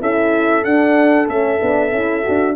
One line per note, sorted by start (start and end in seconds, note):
0.00 0.65 C#4
0.00 0.63 E4
0.00 2.56 A4
0.00 0.64 E5
0.63 1.27 D4
0.63 1.28 D4
0.63 1.28 F#5
1.28 1.60 A3
1.28 1.60 C#4
1.28 2.56 E5
1.61 1.92 B3
1.61 1.92 D4
1.92 2.24 C#4
1.92 2.23 E4
2.23 2.56 D4
2.23 2.55 F#4